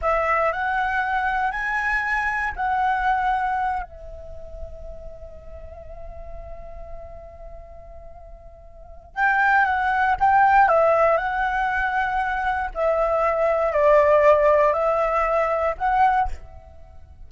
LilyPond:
\new Staff \with { instrumentName = "flute" } { \time 4/4 \tempo 4 = 118 e''4 fis''2 gis''4~ | gis''4 fis''2~ fis''8 e''8~ | e''1~ | e''1~ |
e''2 g''4 fis''4 | g''4 e''4 fis''2~ | fis''4 e''2 d''4~ | d''4 e''2 fis''4 | }